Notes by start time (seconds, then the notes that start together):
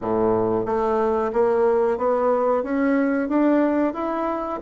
0.01 A2
0.65 A3
1.32 A#3
1.98 B3
2.63 C#4
3.28 D4
3.93 E4